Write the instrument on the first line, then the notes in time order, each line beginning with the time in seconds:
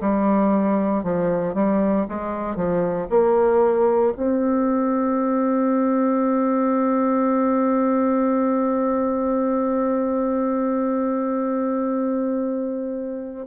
bassoon
0.00 G3
1.03 F3
1.54 G3
2.08 G#3
2.55 F3
3.09 A#3
4.16 C4